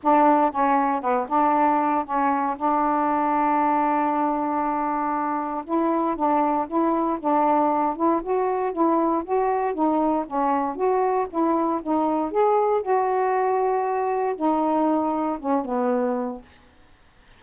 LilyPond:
\new Staff \with { instrumentName = "saxophone" } { \time 4/4 \tempo 4 = 117 d'4 cis'4 b8 d'4. | cis'4 d'2.~ | d'2. e'4 | d'4 e'4 d'4. e'8 |
fis'4 e'4 fis'4 dis'4 | cis'4 fis'4 e'4 dis'4 | gis'4 fis'2. | dis'2 cis'8 b4. | }